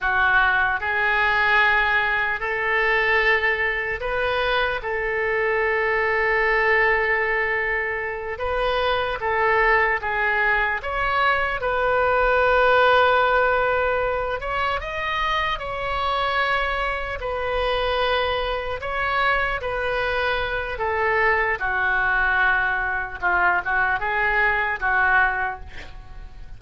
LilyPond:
\new Staff \with { instrumentName = "oboe" } { \time 4/4 \tempo 4 = 75 fis'4 gis'2 a'4~ | a'4 b'4 a'2~ | a'2~ a'8 b'4 a'8~ | a'8 gis'4 cis''4 b'4.~ |
b'2 cis''8 dis''4 cis''8~ | cis''4. b'2 cis''8~ | cis''8 b'4. a'4 fis'4~ | fis'4 f'8 fis'8 gis'4 fis'4 | }